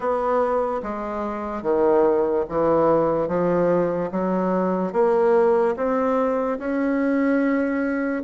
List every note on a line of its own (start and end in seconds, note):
0.00 0.81 B3
0.83 1.62 G#3
1.62 2.44 D#3
2.48 3.28 E3
3.28 4.10 F3
4.11 4.92 F#3
4.92 5.75 A#3
5.76 6.58 C4
6.58 8.23 C#4